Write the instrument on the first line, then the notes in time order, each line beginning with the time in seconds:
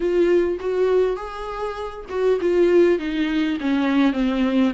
viola
0.00 F4
0.60 F#4
1.16 G#4
2.09 F#4
2.40 F4
2.98 D#4
3.60 C#4
4.13 C4